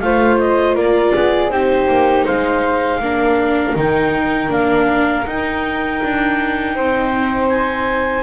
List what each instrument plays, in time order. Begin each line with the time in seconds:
0.00 double bass A3, viola F4, flute C5, clarinet F5
0.38 clarinet D#5
0.75 double bass A#3, flute A#4, clarinet D5
1.14 double bass B3, flute G#4
1.50 double bass C4, viola D#4, flute G4, clarinet C5
1.88 double bass A#3
2.24 double bass G#3, flute C5, clarinet F5
2.99 double bass A#3, viola D4, flute A#4
3.75 double bass D#3, viola D#4, clarinet G5
4.48 double bass A#3, viola D4, clarinet F5
5.26 double bass D#4, viola D#4, clarinet G5
6.03 double bass D4
6.75 double bass C4, flute C5
7.49 clarinet G#5